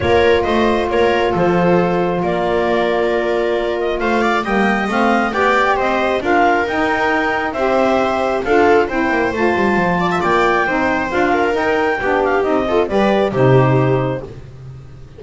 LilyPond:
<<
  \new Staff \with { instrumentName = "clarinet" } { \time 4/4 \tempo 4 = 135 cis''4 dis''4 cis''4 c''4~ | c''4 d''2.~ | d''8 dis''8 f''4 g''4 f''4 | g''4 dis''4 f''4 g''4~ |
g''4 e''2 f''4 | g''4 a''2 g''4~ | g''4 f''4 g''4. f''8 | dis''4 d''4 c''2 | }
  \new Staff \with { instrumentName = "viola" } { \time 4/4 ais'4 c''4 ais'4 a'4~ | a'4 ais'2.~ | ais'4 c''8 d''8 dis''2 | d''4 c''4 ais'2~ |
ais'4 c''2 a'4 | c''2~ c''8 d''16 e''16 d''4 | c''4. ais'4. g'4~ | g'8 a'8 b'4 g'2 | }
  \new Staff \with { instrumentName = "saxophone" } { \time 4/4 f'1~ | f'1~ | f'2 ais4 c'4 | g'2 f'4 dis'4~ |
dis'4 g'2 f'4 | e'4 f'2. | dis'4 f'4 dis'4 d'4 | dis'8 f'8 g'4 dis'2 | }
  \new Staff \with { instrumentName = "double bass" } { \time 4/4 ais4 a4 ais4 f4~ | f4 ais2.~ | ais4 a4 g4 a4 | b4 c'4 d'4 dis'4~ |
dis'4 c'2 d'4 | c'8 ais8 a8 g8 f4 ais4 | c'4 d'4 dis'4 b4 | c'4 g4 c2 | }
>>